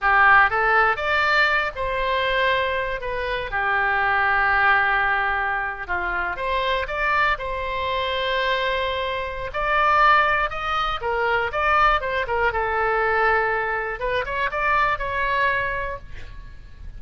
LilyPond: \new Staff \with { instrumentName = "oboe" } { \time 4/4 \tempo 4 = 120 g'4 a'4 d''4. c''8~ | c''2 b'4 g'4~ | g'2.~ g'8. f'16~ | f'8. c''4 d''4 c''4~ c''16~ |
c''2. d''4~ | d''4 dis''4 ais'4 d''4 | c''8 ais'8 a'2. | b'8 cis''8 d''4 cis''2 | }